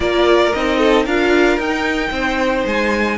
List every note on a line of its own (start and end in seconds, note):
0.00 0.52 A#3
0.00 0.53 F4
0.00 0.78 A#4
0.00 0.52 D5
0.52 1.05 C4
0.52 1.07 D#4
0.52 1.05 D#5
0.78 1.04 A4
1.04 1.57 D4
1.04 1.60 F4
1.04 2.10 A#4
1.04 1.59 F5
1.57 2.10 D#4
1.57 3.17 D#4
1.57 2.66 G5
2.10 2.63 C4
2.10 3.17 C5
2.66 3.17 G#3
2.66 3.17 G#5